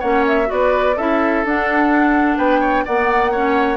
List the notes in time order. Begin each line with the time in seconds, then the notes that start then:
0.00 A#3 C#4 C#5 F#5
0.27 E5
0.46 B3 F#4 D5
0.53 B4
0.96 C#4 E4 A4 E5
1.44 D4 F#5
2.37 B3 B4 G5
2.60 C#5
2.85 A#3 B3 D5 F#5
3.32 C#4 C#5